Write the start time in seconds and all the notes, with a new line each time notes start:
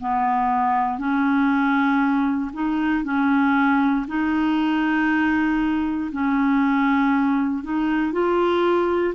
0.00 B3
0.98 C#4
2.53 D#4
3.04 C#4
4.08 D#4
6.12 C#4
7.64 D#4
8.12 F4